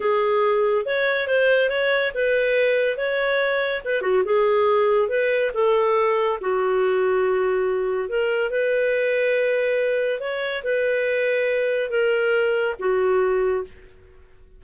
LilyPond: \new Staff \with { instrumentName = "clarinet" } { \time 4/4 \tempo 4 = 141 gis'2 cis''4 c''4 | cis''4 b'2 cis''4~ | cis''4 b'8 fis'8 gis'2 | b'4 a'2 fis'4~ |
fis'2. ais'4 | b'1 | cis''4 b'2. | ais'2 fis'2 | }